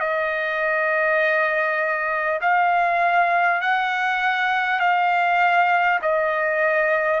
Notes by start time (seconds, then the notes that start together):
0.00 D#5
2.41 F5
3.61 F#5
4.79 F5
6.02 D#5